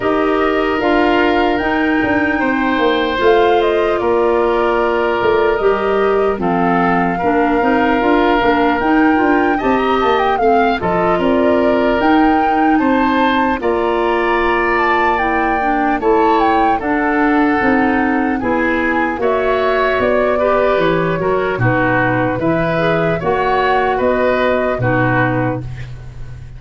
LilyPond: <<
  \new Staff \with { instrumentName = "flute" } { \time 4/4 \tempo 4 = 75 dis''4 f''4 g''2 | f''8 dis''8 d''2 dis''4 | f''2. g''4 | a''16 ais''16 a''16 g''16 f''8 dis''8 d''4 g''4 |
a''4 ais''4. a''8 g''4 | a''8 g''8 fis''2 gis''4 | e''4 d''4 cis''4 b'4 | e''4 fis''4 dis''4 b'4 | }
  \new Staff \with { instrumentName = "oboe" } { \time 4/4 ais'2. c''4~ | c''4 ais'2. | a'4 ais'2. | dis''4 f''8 a'8 ais'2 |
c''4 d''2. | cis''4 a'2 gis'4 | cis''4. b'4 ais'8 fis'4 | b'4 cis''4 b'4 fis'4 | }
  \new Staff \with { instrumentName = "clarinet" } { \time 4/4 g'4 f'4 dis'2 | f'2. g'4 | c'4 d'8 dis'8 f'8 d'8 dis'8 f'8 | g'4 c'8 f'4. dis'4~ |
dis'4 f'2 e'8 d'8 | e'4 d'4 dis'4 e'4 | fis'4. g'4 fis'8 dis'4 | e'8 gis'8 fis'2 dis'4 | }
  \new Staff \with { instrumentName = "tuba" } { \time 4/4 dis'4 d'4 dis'8 d'8 c'8 ais8 | a4 ais4. a8 g4 | f4 ais8 c'8 d'8 ais8 dis'8 d'8 | c'8 ais8 a8 f8 c'4 dis'4 |
c'4 ais2. | a4 d'4 c'4 b4 | ais4 b4 e8 fis8 b,4 | e4 ais4 b4 b,4 | }
>>